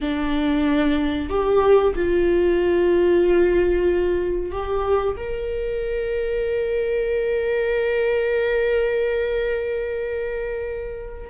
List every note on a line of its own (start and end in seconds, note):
0.00 1.29 D4
1.29 1.94 G4
1.95 4.51 F4
4.51 5.16 G4
5.16 11.29 A#4